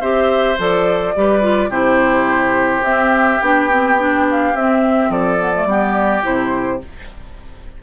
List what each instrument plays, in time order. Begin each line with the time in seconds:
0.00 bassoon C4, clarinet G4, oboe C5, flute E5
0.58 bassoon F3, clarinet A4, flute D5
1.15 bassoon G3, clarinet G4, oboe B4
1.41 clarinet F4
1.69 bassoon C3, clarinet E4, oboe G4, flute C5
2.82 clarinet C4, bassoon C4, flute E5
3.41 bassoon B3, clarinet D4, flute G5
3.69 clarinet C4
3.98 clarinet D4
4.30 flute F5
4.53 bassoon C4, clarinet C4, flute E5
5.09 bassoon F3, oboe A4, flute D5
5.39 clarinet B3
5.54 clarinet A3
5.65 bassoon G3, clarinet B3, oboe G4
6.22 bassoon C3, clarinet E4, flute C5